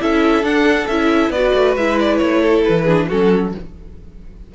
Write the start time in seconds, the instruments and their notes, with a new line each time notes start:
0.00 cello C#4, viola E4, violin A4 E5
0.44 cello D4, viola D4, violin F#5
0.88 cello C#4, viola E4, violin E5
1.30 cello B3, viola F#4, violin B4 D5
1.55 cello A3
1.76 cello G#3, viola E4, violin E5
2.00 violin D5
2.18 cello A3, violin C#5
2.42 violin A4
2.65 cello E3, violin B4
2.84 viola D4, violin G#4
3.09 cello F#3, viola C#4, violin F#4 A4